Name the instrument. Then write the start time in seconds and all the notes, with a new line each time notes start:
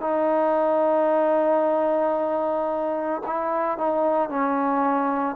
trombone
0.00 D#4
3.26 E4
3.77 D#4
4.29 C#4